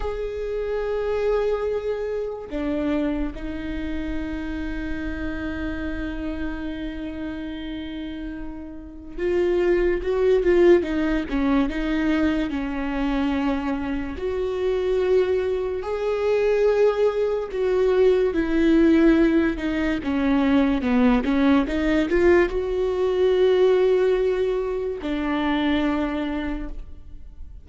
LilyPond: \new Staff \with { instrumentName = "viola" } { \time 4/4 \tempo 4 = 72 gis'2. d'4 | dis'1~ | dis'2. f'4 | fis'8 f'8 dis'8 cis'8 dis'4 cis'4~ |
cis'4 fis'2 gis'4~ | gis'4 fis'4 e'4. dis'8 | cis'4 b8 cis'8 dis'8 f'8 fis'4~ | fis'2 d'2 | }